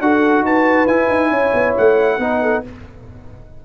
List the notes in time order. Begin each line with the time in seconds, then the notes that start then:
0.00 D4 F#4 A4 F#5
0.41 D#4 B4 A5
0.86 E4 G#5
1.09 D#4
1.30 C#4 C#5
1.53 B3
1.77 A3 F#5
2.18 B3 D#4 B4
2.42 A4